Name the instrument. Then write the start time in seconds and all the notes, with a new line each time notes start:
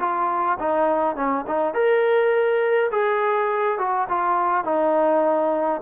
trombone
0.00 F4
0.59 D#4
1.16 C#4
1.47 D#4
1.74 A#4
2.92 G#4
3.79 F#4
4.09 F4
4.65 D#4